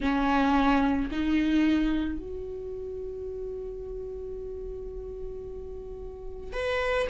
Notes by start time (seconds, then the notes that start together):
0.00 C#4
1.11 D#4
2.18 F#4
6.52 B4